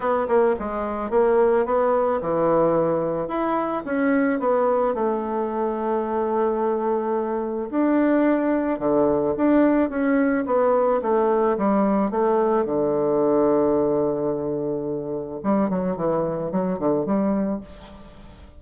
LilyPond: \new Staff \with { instrumentName = "bassoon" } { \time 4/4 \tempo 4 = 109 b8 ais8 gis4 ais4 b4 | e2 e'4 cis'4 | b4 a2.~ | a2 d'2 |
d4 d'4 cis'4 b4 | a4 g4 a4 d4~ | d1 | g8 fis8 e4 fis8 d8 g4 | }